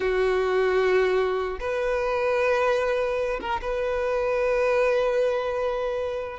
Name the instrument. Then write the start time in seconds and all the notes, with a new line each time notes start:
violin
0.00 F#4
1.60 B4
3.41 A#4
3.61 B4